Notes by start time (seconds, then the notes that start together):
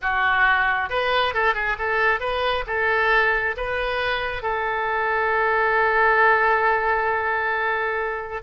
0.01 F#4
0.89 B4
1.34 A4
1.54 G#4
1.78 A4
2.20 B4
2.66 A4
3.57 B4
4.42 A4